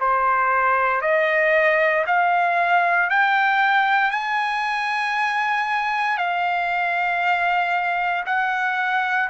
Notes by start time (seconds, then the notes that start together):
0.00 C5
1.02 D#5
2.07 F5
3.10 G5
4.11 G#5
6.17 F5
8.26 F#5